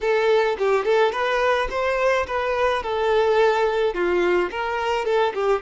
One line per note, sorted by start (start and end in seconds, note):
0.00 0.56 A4
0.58 0.84 G4
0.84 1.12 A4
1.12 1.68 B4
1.70 2.26 C5
2.26 2.82 B4
2.82 3.94 A4
3.94 4.50 F4
4.51 5.05 A#4
5.05 5.33 A4
5.34 5.62 G4